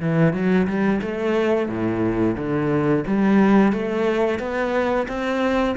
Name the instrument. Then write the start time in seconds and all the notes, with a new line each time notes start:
cello
0.00 E3
0.33 F#3
0.67 G3
1.01 A3
1.69 A2
2.37 D3
3.06 G3
3.72 A3
4.39 B3
5.08 C4